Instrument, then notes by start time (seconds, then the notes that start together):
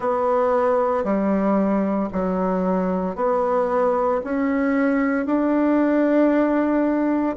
bassoon
0.00 B3
1.04 G3
2.12 F#3
3.15 B3
4.23 C#4
5.26 D4